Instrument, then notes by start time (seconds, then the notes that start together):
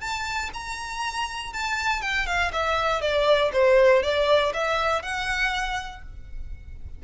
violin
0.00 A5
0.53 A#5
1.53 A5
2.01 G5
2.26 F5
2.52 E5
3.01 D5
3.52 C5
4.02 D5
4.53 E5
5.02 F#5